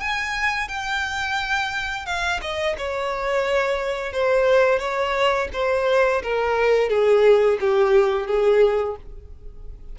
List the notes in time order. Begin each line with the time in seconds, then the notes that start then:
0.00 G#5
0.68 G5
2.06 F5
2.42 D#5
2.78 C#5
4.13 C5
4.79 C#5
5.53 C5
6.23 A#4
6.90 G#4
7.60 G4
8.27 G#4